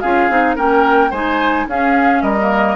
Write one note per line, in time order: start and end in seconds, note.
0.00 0.30 C#4
0.00 0.30 F4
0.00 0.56 G#4
0.00 0.55 F5
0.30 0.57 C4
0.30 0.56 D#4
0.56 1.11 A#3
0.56 1.11 C#4
0.56 1.11 A#4
0.56 1.12 G5
1.11 1.66 G#3
1.11 1.68 D#4
1.11 1.66 C5
1.11 1.67 G#5
1.67 2.22 C#4
1.67 2.37 C#4
1.67 2.23 G#4
1.67 2.22 F5
2.22 2.76 G3
2.22 2.76 A#4
2.22 2.76 D#5
2.40 2.76 A#3